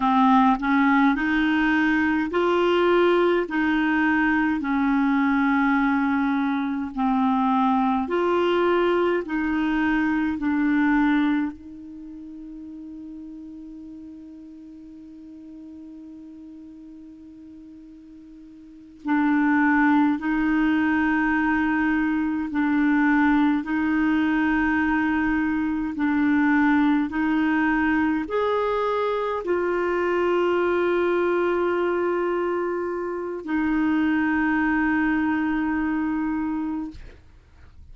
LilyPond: \new Staff \with { instrumentName = "clarinet" } { \time 4/4 \tempo 4 = 52 c'8 cis'8 dis'4 f'4 dis'4 | cis'2 c'4 f'4 | dis'4 d'4 dis'2~ | dis'1~ |
dis'8 d'4 dis'2 d'8~ | d'8 dis'2 d'4 dis'8~ | dis'8 gis'4 f'2~ f'8~ | f'4 dis'2. | }